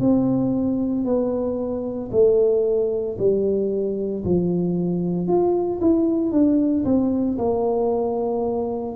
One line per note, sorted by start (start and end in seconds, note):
0.00 1.05 C4
1.05 2.10 B3
2.12 3.17 A3
3.19 4.24 G3
4.24 5.28 F3
5.28 5.80 F4
5.81 6.32 E4
6.32 6.84 D4
6.85 7.37 C4
7.38 8.96 A#3